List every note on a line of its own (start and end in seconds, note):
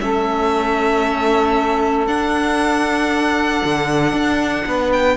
0.00 2.07 A3
0.00 2.07 C#4
0.00 4.65 A4
0.00 2.07 E5
2.07 3.62 D4
2.07 5.17 D4
2.07 4.91 F#5
3.65 4.13 D3
4.13 4.65 D4
4.65 5.17 B3
4.65 5.17 B4
4.92 5.17 G5